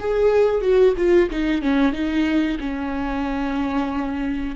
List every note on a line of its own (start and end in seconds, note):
0.00 0.62 G#4
0.62 0.94 F#4
0.98 1.30 F4
1.30 1.62 D#4
1.62 1.93 C#4
1.93 2.58 D#4
2.60 4.56 C#4